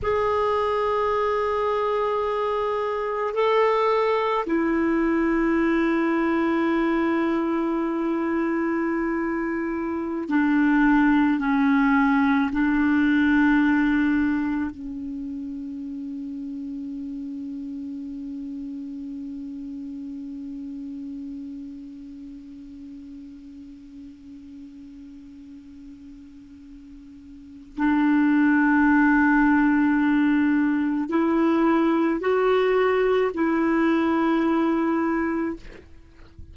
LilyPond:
\new Staff \with { instrumentName = "clarinet" } { \time 4/4 \tempo 4 = 54 gis'2. a'4 | e'1~ | e'4~ e'16 d'4 cis'4 d'8.~ | d'4~ d'16 cis'2~ cis'8.~ |
cis'1~ | cis'1~ | cis'4 d'2. | e'4 fis'4 e'2 | }